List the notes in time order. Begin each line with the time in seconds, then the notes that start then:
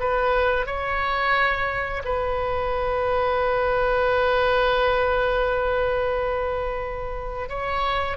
0.00 B4
0.66 C#5
2.05 B4
7.49 C#5